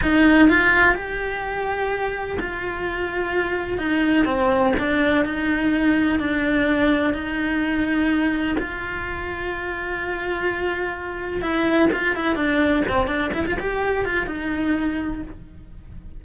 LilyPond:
\new Staff \with { instrumentName = "cello" } { \time 4/4 \tempo 4 = 126 dis'4 f'4 g'2~ | g'4 f'2. | dis'4 c'4 d'4 dis'4~ | dis'4 d'2 dis'4~ |
dis'2 f'2~ | f'1 | e'4 f'8 e'8 d'4 c'8 d'8 | e'16 f'16 g'4 f'8 dis'2 | }